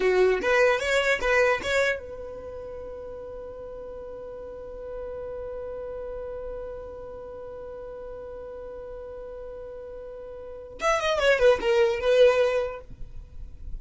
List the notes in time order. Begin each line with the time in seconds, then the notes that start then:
0.00 F#4
0.41 B4
0.79 C#5
1.20 B4
1.63 C#5
1.98 B4
10.81 E5
11.00 D#5
11.19 C#5
11.39 B4
11.60 A#4
11.99 B4